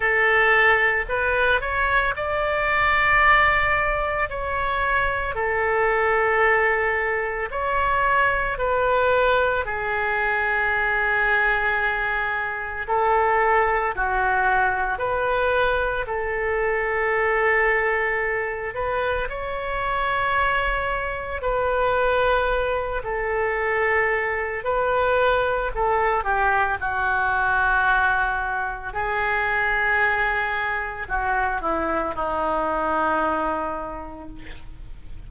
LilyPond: \new Staff \with { instrumentName = "oboe" } { \time 4/4 \tempo 4 = 56 a'4 b'8 cis''8 d''2 | cis''4 a'2 cis''4 | b'4 gis'2. | a'4 fis'4 b'4 a'4~ |
a'4. b'8 cis''2 | b'4. a'4. b'4 | a'8 g'8 fis'2 gis'4~ | gis'4 fis'8 e'8 dis'2 | }